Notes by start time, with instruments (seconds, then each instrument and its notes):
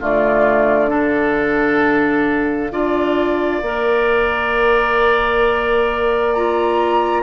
0.00 bassoon D3, clarinet A3, oboe F4, flute D5
0.88 clarinet D4, oboe A4, flute F5
2.71 bassoon D4, clarinet F4, oboe D5
3.62 bassoon A#3, clarinet A#4
6.33 clarinet F4, flute A#5